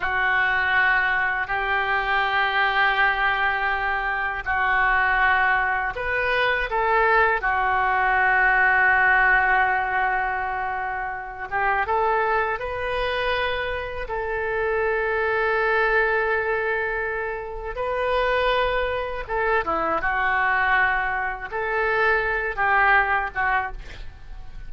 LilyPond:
\new Staff \with { instrumentName = "oboe" } { \time 4/4 \tempo 4 = 81 fis'2 g'2~ | g'2 fis'2 | b'4 a'4 fis'2~ | fis'2.~ fis'8 g'8 |
a'4 b'2 a'4~ | a'1 | b'2 a'8 e'8 fis'4~ | fis'4 a'4. g'4 fis'8 | }